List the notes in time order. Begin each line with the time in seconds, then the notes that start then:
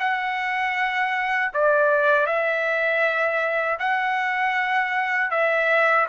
0.00 F#5
1.54 D5
2.27 E5
3.79 F#5
5.31 E5